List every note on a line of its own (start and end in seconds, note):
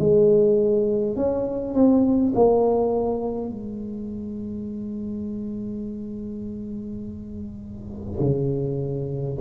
0.00 1.17 G#3
1.17 1.74 C#4
1.74 2.33 C4
2.35 3.50 A#3
3.50 8.20 G#3
8.20 9.38 C#3